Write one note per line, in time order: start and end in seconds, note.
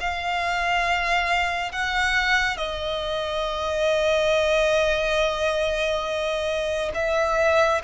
0.00 1.72 F5
1.72 2.57 F#5
2.57 6.92 D#5
6.94 7.81 E5